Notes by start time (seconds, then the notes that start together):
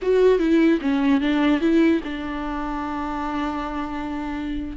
0.02 F#4
0.39 E4
0.81 C#4
1.20 D4
1.60 E4
2.03 D4